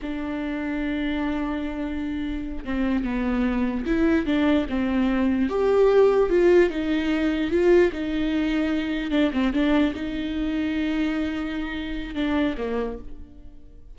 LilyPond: \new Staff \with { instrumentName = "viola" } { \time 4/4 \tempo 4 = 148 d'1~ | d'2~ d'8 c'4 b8~ | b4. e'4 d'4 c'8~ | c'4. g'2 f'8~ |
f'8 dis'2 f'4 dis'8~ | dis'2~ dis'8 d'8 c'8 d'8~ | d'8 dis'2.~ dis'8~ | dis'2 d'4 ais4 | }